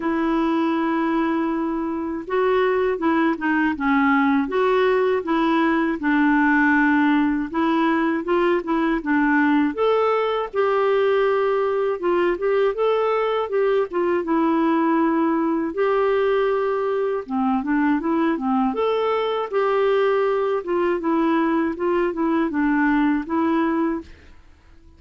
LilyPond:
\new Staff \with { instrumentName = "clarinet" } { \time 4/4 \tempo 4 = 80 e'2. fis'4 | e'8 dis'8 cis'4 fis'4 e'4 | d'2 e'4 f'8 e'8 | d'4 a'4 g'2 |
f'8 g'8 a'4 g'8 f'8 e'4~ | e'4 g'2 c'8 d'8 | e'8 c'8 a'4 g'4. f'8 | e'4 f'8 e'8 d'4 e'4 | }